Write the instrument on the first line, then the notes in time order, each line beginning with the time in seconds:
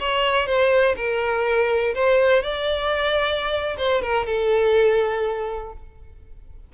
violin
0.00 C#5
0.47 C5
0.97 A#4
1.95 C5
2.43 D5
3.77 C5
4.02 A#4
4.26 A4